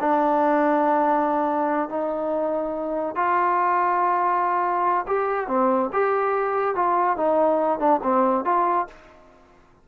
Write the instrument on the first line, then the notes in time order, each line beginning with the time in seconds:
trombone
0.00 D4
1.89 D#4
3.16 F4
5.07 G4
5.47 C4
5.93 G4
6.75 F4
7.16 D#4
7.79 D4
8.02 C4
8.45 F4